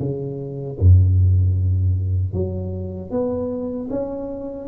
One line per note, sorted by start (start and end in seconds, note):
0.00 0.78 C#3
0.80 2.34 F#2
2.34 3.11 F#3
3.11 3.89 B3
3.91 4.69 C#4